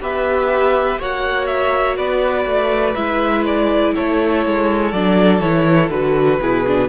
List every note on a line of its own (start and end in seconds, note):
0.00 0.99 B3
0.00 0.98 G4
0.00 0.99 B4
0.00 1.01 E5
0.99 1.98 A#3
0.99 2.96 F#4
0.99 1.97 C#5
0.99 1.47 F#5
1.47 1.96 E5
1.97 2.45 B3
1.97 3.94 B4
1.97 2.95 D5
2.45 2.94 A3
2.95 3.94 G#3
2.95 4.93 E4
2.95 3.44 E5
3.45 3.94 D5
3.94 4.46 A3
3.94 6.40 A4
3.94 4.92 C#5
4.46 4.93 G#3
4.92 5.40 F#3
4.92 5.41 D4
4.92 5.40 D5
5.40 5.90 E3
5.40 5.90 E4
5.40 5.89 C#5
5.90 6.39 D3
5.90 6.40 F#4
5.90 6.88 B4
6.40 6.88 B2
6.40 6.66 E4
6.40 6.88 G#4
6.67 6.88 D4